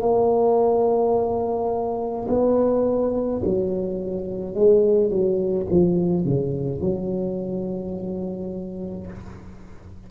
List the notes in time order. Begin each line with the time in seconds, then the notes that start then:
0.00 A#3
2.28 B3
3.44 F#3
4.54 G#3
5.10 F#3
5.70 F3
6.25 C#3
6.80 F#3